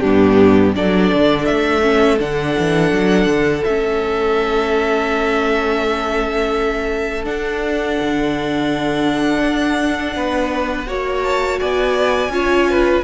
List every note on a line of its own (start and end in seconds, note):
0.00 0.75 G2
0.00 0.75 B3
0.00 0.73 D4
0.00 0.72 G4
0.75 1.11 F#3
0.75 1.81 D4
0.75 10.16 A4
0.75 1.45 D5
1.13 1.49 D3
1.45 2.20 A3
1.45 2.17 E5
1.81 2.18 C#4
2.18 2.56 D3
2.18 3.63 D4
2.18 3.63 F#5
2.58 2.91 E3
2.91 3.26 F#3
3.26 3.62 D3
3.63 7.26 A3
3.63 7.24 C#4
3.63 7.25 E5
7.24 10.85 D4
7.24 7.98 D4
7.24 11.23 F#5
8.00 9.43 D3
9.43 10.15 D4
10.15 10.87 B3
10.15 10.87 B4
10.87 11.60 A#3
10.87 12.30 F#4
10.87 11.59 C#5
11.23 11.59 A5
11.59 12.28 B3
11.59 12.32 D5
11.59 13.03 G#5
12.28 13.01 C#4
12.28 13.03 F4
12.28 12.70 C#5
12.70 13.03 B4